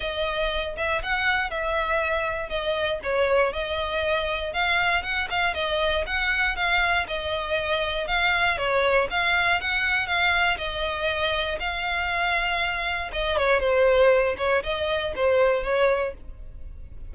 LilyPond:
\new Staff \with { instrumentName = "violin" } { \time 4/4 \tempo 4 = 119 dis''4. e''8 fis''4 e''4~ | e''4 dis''4 cis''4 dis''4~ | dis''4 f''4 fis''8 f''8 dis''4 | fis''4 f''4 dis''2 |
f''4 cis''4 f''4 fis''4 | f''4 dis''2 f''4~ | f''2 dis''8 cis''8 c''4~ | c''8 cis''8 dis''4 c''4 cis''4 | }